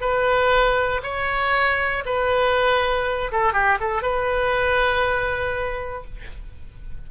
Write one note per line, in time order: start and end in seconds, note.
0.00 1.01 B4
1.02 2.03 C#5
2.05 3.31 B4
3.32 3.53 A4
3.53 3.78 G4
3.80 4.02 A4
4.02 6.04 B4